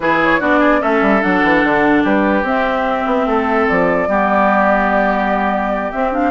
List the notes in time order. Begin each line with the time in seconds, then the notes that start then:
0.00 E3 E4 G#4 B4
0.23 C#5
0.39 B3 D4 F#4 D5
0.59 G#4
0.80 A3 C#4 A4 E5
1.01 G3
1.21 F#3 D4 F#5
1.43 E3
1.64 D3
2.03 G3 G4 B4
2.42 C4 E5
3.05 B3
3.25 A3 A4
3.68 F3 D5
4.07 G3 B3 G4
5.91 C4 E5
6.12 D4 F5